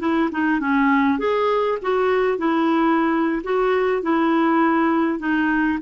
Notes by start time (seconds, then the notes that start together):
0.00 E4
0.32 D#4
0.60 C#4
1.19 G#4
1.82 F#4
2.38 E4
3.44 F#4
4.03 E4
5.20 D#4